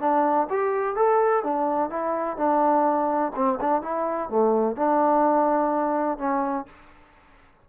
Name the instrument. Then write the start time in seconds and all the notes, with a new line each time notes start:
trombone
0.00 D4
0.50 G4
0.96 A4
1.44 D4
1.90 E4
2.37 D4
3.36 C4
3.61 D4
3.82 E4
4.29 A3
4.76 D4
6.19 C#4